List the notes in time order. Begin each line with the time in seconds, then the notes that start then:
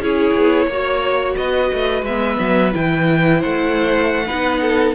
0.00 C#4 E4 G#4 C#5
0.35 B3
0.67 A#3 F#4 C#5
1.36 B3 B4 D#5
1.73 A3
2.03 G#3 B3 E5
2.40 F#3
2.72 E3 E4 G5
3.39 A3 C5 F#5
4.27 B3 D#4 B4
4.62 A4